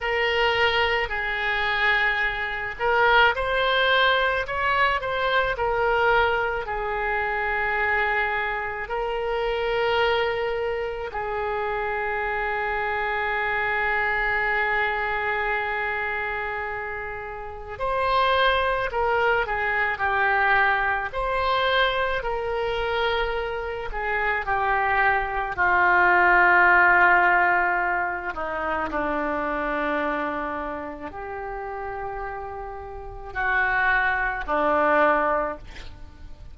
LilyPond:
\new Staff \with { instrumentName = "oboe" } { \time 4/4 \tempo 4 = 54 ais'4 gis'4. ais'8 c''4 | cis''8 c''8 ais'4 gis'2 | ais'2 gis'2~ | gis'1 |
c''4 ais'8 gis'8 g'4 c''4 | ais'4. gis'8 g'4 f'4~ | f'4. dis'8 d'2 | g'2 fis'4 d'4 | }